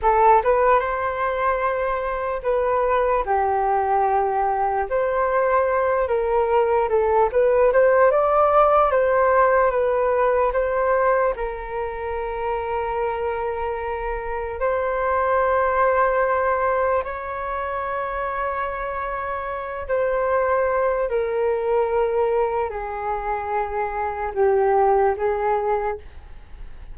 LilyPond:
\new Staff \with { instrumentName = "flute" } { \time 4/4 \tempo 4 = 74 a'8 b'8 c''2 b'4 | g'2 c''4. ais'8~ | ais'8 a'8 b'8 c''8 d''4 c''4 | b'4 c''4 ais'2~ |
ais'2 c''2~ | c''4 cis''2.~ | cis''8 c''4. ais'2 | gis'2 g'4 gis'4 | }